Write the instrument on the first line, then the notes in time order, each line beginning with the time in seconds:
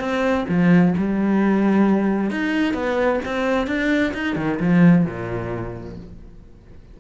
cello
0.00 C4
0.49 F3
0.98 G3
2.31 D#4
2.74 B3
3.25 C4
3.67 D4
4.14 D#4
4.36 D#3
4.60 F3
5.06 A#2